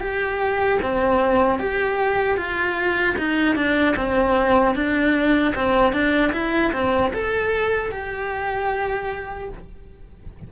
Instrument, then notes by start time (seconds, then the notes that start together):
cello
0.00 G4
0.82 C4
1.59 G4
2.37 F4
3.18 D#4
3.55 D4
3.96 C4
4.75 D4
5.55 C4
5.92 D4
6.32 E4
6.72 C4
7.13 A4
7.91 G4